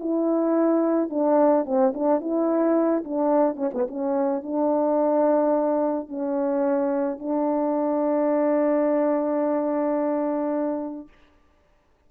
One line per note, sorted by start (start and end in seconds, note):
0.00 1.10 E4
1.10 1.65 D4
1.65 1.93 C4
1.94 2.20 D4
2.20 3.04 E4
3.04 3.56 D4
3.56 3.70 C#4
3.74 3.88 B3
3.88 4.43 C#4
4.43 6.09 D4
6.09 7.19 C#4
7.19 11.08 D4